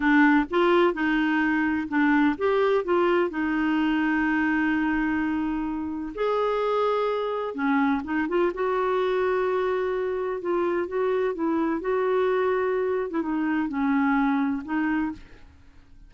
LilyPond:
\new Staff \with { instrumentName = "clarinet" } { \time 4/4 \tempo 4 = 127 d'4 f'4 dis'2 | d'4 g'4 f'4 dis'4~ | dis'1~ | dis'4 gis'2. |
cis'4 dis'8 f'8 fis'2~ | fis'2 f'4 fis'4 | e'4 fis'2~ fis'8. e'16 | dis'4 cis'2 dis'4 | }